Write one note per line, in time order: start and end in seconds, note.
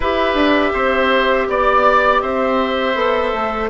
0.00 0.34 E4
0.00 2.95 G4
0.00 0.72 B4
0.00 1.49 E5
0.34 0.71 D4
0.73 1.47 C4
0.73 1.47 C5
1.48 2.22 B3
1.48 2.21 D5
2.21 2.95 C4
2.21 3.69 C5
2.21 3.69 E5
2.95 3.32 B3
2.95 3.69 A4
3.33 3.69 A3